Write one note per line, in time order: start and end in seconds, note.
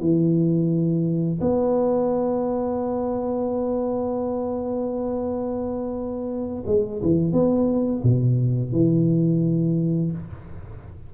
0.00 1.40 E3
1.41 6.64 B3
6.67 7.02 G#3
7.02 7.33 E3
7.33 8.02 B3
8.03 8.72 B2
8.72 10.12 E3